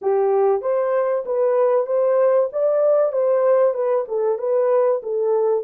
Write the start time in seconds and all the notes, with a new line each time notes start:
0.01 G4
0.61 C5
1.25 B4
1.86 C5
2.52 D5
3.12 C5
3.74 B4
4.07 A4
4.38 B4
5.03 A4